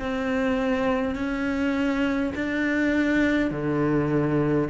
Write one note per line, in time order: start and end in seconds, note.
0.00 1.16 C4
1.16 2.33 C#4
2.35 3.51 D4
3.51 4.68 D3